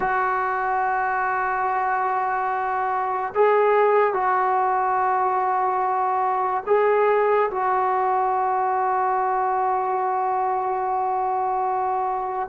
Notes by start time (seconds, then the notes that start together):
0.00 F#4
3.34 G#4
4.13 F#4
6.66 G#4
7.50 F#4